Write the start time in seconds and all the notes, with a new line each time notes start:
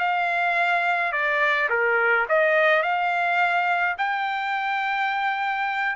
0.00 F5
1.13 D5
1.70 A#4
2.29 D#5
2.83 F5
3.98 G5